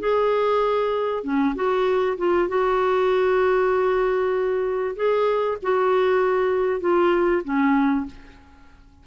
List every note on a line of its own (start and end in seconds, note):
0.00 1.24 G#4
1.24 1.55 C#4
1.55 2.17 F#4
2.18 2.49 F4
2.49 4.96 F#4
4.96 5.58 G#4
5.63 6.81 F#4
6.81 7.43 F4
7.44 8.06 C#4